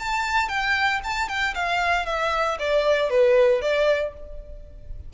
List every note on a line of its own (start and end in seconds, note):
0.00 0.49 A5
0.49 1.01 G5
1.04 1.29 A5
1.29 1.55 G5
1.55 2.06 F5
2.06 2.58 E5
2.60 3.11 D5
3.11 3.62 B4
3.62 4.14 D5